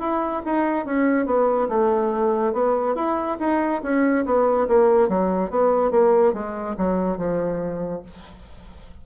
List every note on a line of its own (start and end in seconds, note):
0.00 0.42 E4
0.45 0.86 D#4
0.86 1.26 C#4
1.26 1.69 B3
1.69 2.54 A3
2.54 2.95 B3
2.95 3.38 E4
3.40 3.82 D#4
3.83 4.25 C#4
4.26 4.68 B3
4.68 5.09 A#3
5.09 5.50 F#3
5.50 5.91 B3
5.91 6.33 A#3
6.34 6.76 G#3
6.78 7.18 F#3
7.18 8.02 F3